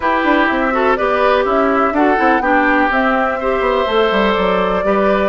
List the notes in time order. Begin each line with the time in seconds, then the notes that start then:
0.00 E4 G4 B4
0.23 D4
0.46 C4 E5
0.72 F#4 A4
0.96 B3 G4 B4 D5
1.44 C#4 E4 E5
1.92 D4 F#4 A4 F#5
2.16 C4 E4
2.40 B3 D4 G4 G5
2.90 C4 E5
3.39 G4 C5
3.60 B3
3.86 A3 A4
4.11 G3
4.32 F#3 D5
4.83 G3 G4 B4